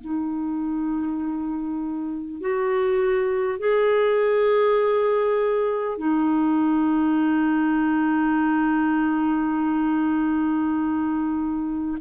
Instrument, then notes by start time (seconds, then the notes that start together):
clarinet
0.00 D#4
2.40 F#4
3.58 G#4
5.97 D#4